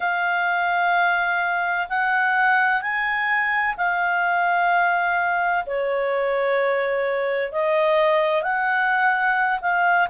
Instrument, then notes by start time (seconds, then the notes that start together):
clarinet
0.00 F5
1.89 F#5
2.81 G#5
3.77 F5
5.65 C#5
7.52 D#5
8.42 F#5
9.61 F5